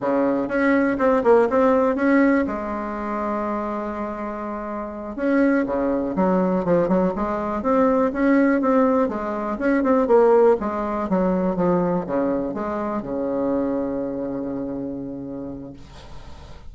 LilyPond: \new Staff \with { instrumentName = "bassoon" } { \time 4/4 \tempo 4 = 122 cis4 cis'4 c'8 ais8 c'4 | cis'4 gis2.~ | gis2~ gis8 cis'4 cis8~ | cis8 fis4 f8 fis8 gis4 c'8~ |
c'8 cis'4 c'4 gis4 cis'8 | c'8 ais4 gis4 fis4 f8~ | f8 cis4 gis4 cis4.~ | cis1 | }